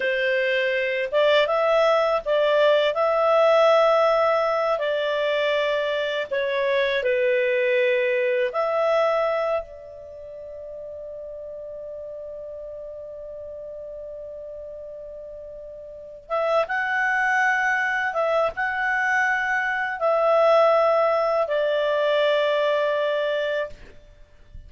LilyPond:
\new Staff \with { instrumentName = "clarinet" } { \time 4/4 \tempo 4 = 81 c''4. d''8 e''4 d''4 | e''2~ e''8 d''4.~ | d''8 cis''4 b'2 e''8~ | e''4 d''2.~ |
d''1~ | d''2 e''8 fis''4.~ | fis''8 e''8 fis''2 e''4~ | e''4 d''2. | }